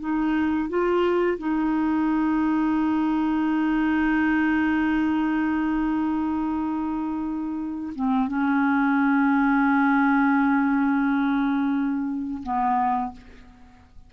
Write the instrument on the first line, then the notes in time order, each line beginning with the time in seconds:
clarinet
0.00 D#4
0.69 F4
1.39 D#4
7.95 C4
8.28 C#4
12.43 B3